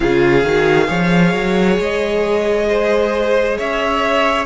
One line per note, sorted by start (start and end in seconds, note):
0.00 0.44 C#3
0.00 0.42 F4
0.00 0.87 G#4
0.00 1.77 F5
0.44 0.89 D#3
0.44 0.87 F#4
0.87 1.33 F3
0.87 4.45 G#4
0.87 2.66 C#5
1.33 1.78 F#3
1.78 3.57 G#3
1.78 3.59 D#5
2.68 3.57 C5
3.57 4.45 C#4
3.57 4.45 C#5
3.57 4.45 E5